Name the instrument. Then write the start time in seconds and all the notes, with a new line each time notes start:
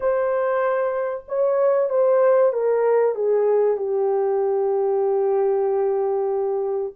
horn
0.00 C5
1.28 C#5
1.89 C5
2.52 A#4
3.15 G#4
3.77 G4